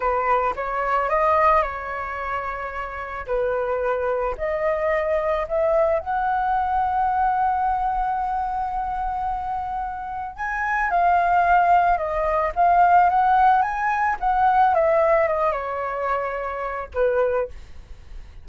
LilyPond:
\new Staff \with { instrumentName = "flute" } { \time 4/4 \tempo 4 = 110 b'4 cis''4 dis''4 cis''4~ | cis''2 b'2 | dis''2 e''4 fis''4~ | fis''1~ |
fis''2. gis''4 | f''2 dis''4 f''4 | fis''4 gis''4 fis''4 e''4 | dis''8 cis''2~ cis''8 b'4 | }